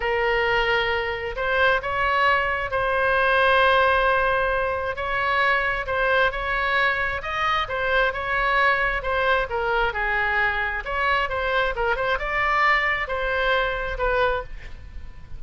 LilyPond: \new Staff \with { instrumentName = "oboe" } { \time 4/4 \tempo 4 = 133 ais'2. c''4 | cis''2 c''2~ | c''2. cis''4~ | cis''4 c''4 cis''2 |
dis''4 c''4 cis''2 | c''4 ais'4 gis'2 | cis''4 c''4 ais'8 c''8 d''4~ | d''4 c''2 b'4 | }